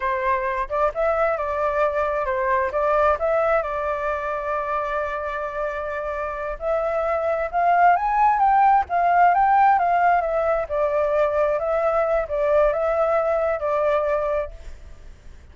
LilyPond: \new Staff \with { instrumentName = "flute" } { \time 4/4 \tempo 4 = 132 c''4. d''8 e''4 d''4~ | d''4 c''4 d''4 e''4 | d''1~ | d''2~ d''8 e''4.~ |
e''8 f''4 gis''4 g''4 f''8~ | f''8 g''4 f''4 e''4 d''8~ | d''4. e''4. d''4 | e''2 d''2 | }